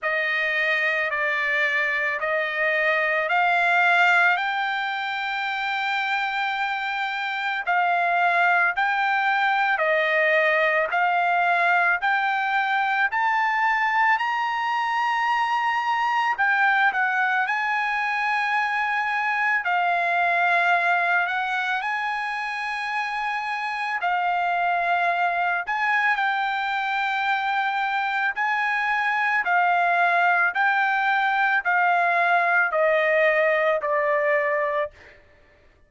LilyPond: \new Staff \with { instrumentName = "trumpet" } { \time 4/4 \tempo 4 = 55 dis''4 d''4 dis''4 f''4 | g''2. f''4 | g''4 dis''4 f''4 g''4 | a''4 ais''2 g''8 fis''8 |
gis''2 f''4. fis''8 | gis''2 f''4. gis''8 | g''2 gis''4 f''4 | g''4 f''4 dis''4 d''4 | }